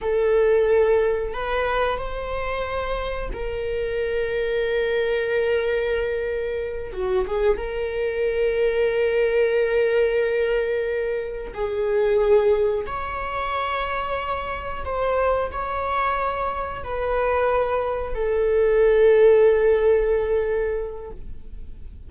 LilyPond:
\new Staff \with { instrumentName = "viola" } { \time 4/4 \tempo 4 = 91 a'2 b'4 c''4~ | c''4 ais'2.~ | ais'2~ ais'8 fis'8 gis'8 ais'8~ | ais'1~ |
ais'4. gis'2 cis''8~ | cis''2~ cis''8 c''4 cis''8~ | cis''4. b'2 a'8~ | a'1 | }